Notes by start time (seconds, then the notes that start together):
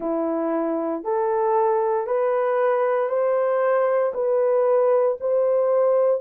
0.00 E4
1.03 A4
2.06 B4
3.08 C5
4.14 B4
5.20 C5